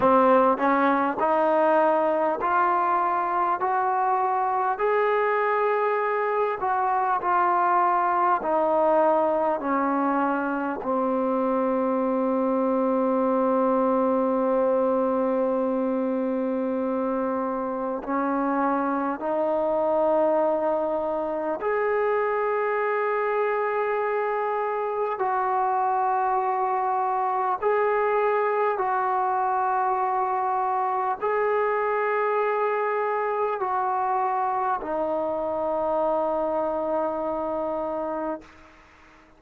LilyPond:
\new Staff \with { instrumentName = "trombone" } { \time 4/4 \tempo 4 = 50 c'8 cis'8 dis'4 f'4 fis'4 | gis'4. fis'8 f'4 dis'4 | cis'4 c'2.~ | c'2. cis'4 |
dis'2 gis'2~ | gis'4 fis'2 gis'4 | fis'2 gis'2 | fis'4 dis'2. | }